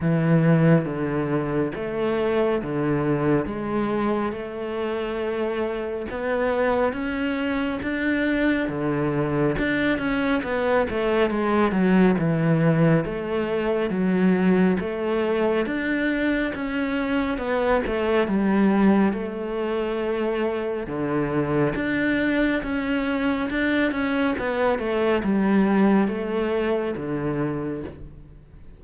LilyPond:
\new Staff \with { instrumentName = "cello" } { \time 4/4 \tempo 4 = 69 e4 d4 a4 d4 | gis4 a2 b4 | cis'4 d'4 d4 d'8 cis'8 | b8 a8 gis8 fis8 e4 a4 |
fis4 a4 d'4 cis'4 | b8 a8 g4 a2 | d4 d'4 cis'4 d'8 cis'8 | b8 a8 g4 a4 d4 | }